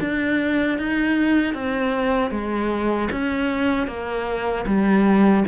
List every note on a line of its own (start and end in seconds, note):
0.00 0.78 D4
0.78 1.53 D#4
1.53 2.31 C4
2.31 3.09 G#3
3.11 3.87 C#4
3.87 4.65 A#3
4.66 5.44 G3